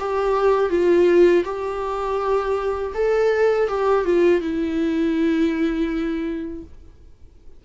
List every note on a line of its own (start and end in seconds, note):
0.00 0.70 G4
0.70 1.44 F4
1.45 2.93 G4
2.95 3.69 A4
3.69 4.05 G4
4.05 4.42 F4
4.42 6.64 E4